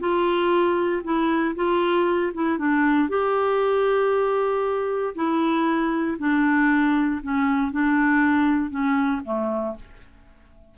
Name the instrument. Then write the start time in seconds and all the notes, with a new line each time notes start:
clarinet
0.00 F4
1.04 E4
1.56 F4
2.34 E4
2.59 D4
3.09 G4
5.15 E4
6.19 D4
7.23 C#4
7.72 D4
8.70 C#4
9.25 A3